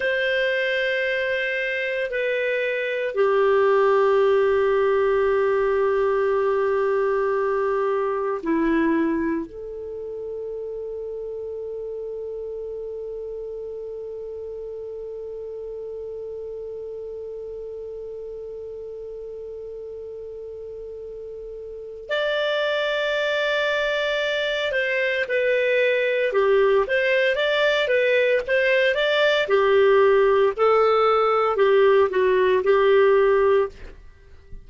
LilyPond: \new Staff \with { instrumentName = "clarinet" } { \time 4/4 \tempo 4 = 57 c''2 b'4 g'4~ | g'1 | e'4 a'2.~ | a'1~ |
a'1~ | a'4 d''2~ d''8 c''8 | b'4 g'8 c''8 d''8 b'8 c''8 d''8 | g'4 a'4 g'8 fis'8 g'4 | }